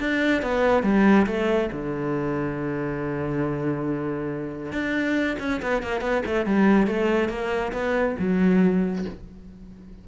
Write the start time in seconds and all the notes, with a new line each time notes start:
0.00 D4
0.42 B3
0.83 G3
1.27 A3
1.72 D3
4.72 D4
5.40 C#4
5.63 B3
5.83 A#3
6.01 B3
6.26 A3
6.46 G3
6.87 A3
7.29 A#3
7.73 B3
8.19 F#3